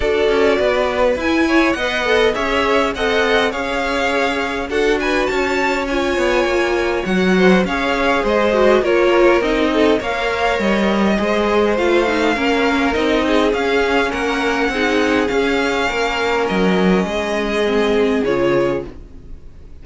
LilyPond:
<<
  \new Staff \with { instrumentName = "violin" } { \time 4/4 \tempo 4 = 102 d''2 gis''4 fis''4 | e''4 fis''4 f''2 | fis''8 gis''8 a''4 gis''2 | fis''4 f''4 dis''4 cis''4 |
dis''4 f''4 dis''2 | f''2 dis''4 f''4 | fis''2 f''2 | dis''2. cis''4 | }
  \new Staff \with { instrumentName = "violin" } { \time 4/4 a'4 b'4. cis''8 dis''4 | cis''4 dis''4 cis''2 | a'8 b'8 cis''2.~ | cis''8 c''8 cis''4 c''4 ais'4~ |
ais'8 a'8 cis''2 c''4~ | c''4 ais'4. gis'4. | ais'4 gis'2 ais'4~ | ais'4 gis'2. | }
  \new Staff \with { instrumentName = "viola" } { \time 4/4 fis'2 e'4 b'8 a'8 | gis'4 a'4 gis'2 | fis'2 f'2 | fis'4 gis'4. fis'8 f'4 |
dis'4 ais'2 gis'4 | f'8 dis'8 cis'4 dis'4 cis'4~ | cis'4 dis'4 cis'2~ | cis'2 c'4 f'4 | }
  \new Staff \with { instrumentName = "cello" } { \time 4/4 d'8 cis'8 b4 e'4 b4 | cis'4 c'4 cis'2 | d'4 cis'4. b8 ais4 | fis4 cis'4 gis4 ais4 |
c'4 ais4 g4 gis4 | a4 ais4 c'4 cis'4 | ais4 c'4 cis'4 ais4 | fis4 gis2 cis4 | }
>>